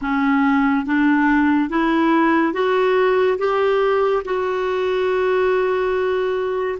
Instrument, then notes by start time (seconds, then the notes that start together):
clarinet
0.01 C#4
0.85 D4
1.69 E4
2.53 F#4
3.38 G4
4.24 F#4